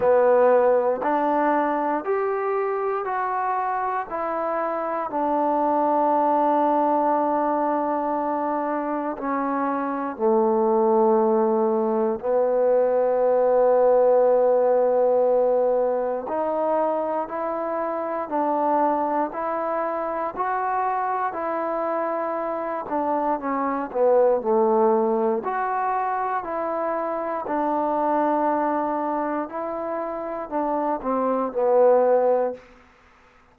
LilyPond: \new Staff \with { instrumentName = "trombone" } { \time 4/4 \tempo 4 = 59 b4 d'4 g'4 fis'4 | e'4 d'2.~ | d'4 cis'4 a2 | b1 |
dis'4 e'4 d'4 e'4 | fis'4 e'4. d'8 cis'8 b8 | a4 fis'4 e'4 d'4~ | d'4 e'4 d'8 c'8 b4 | }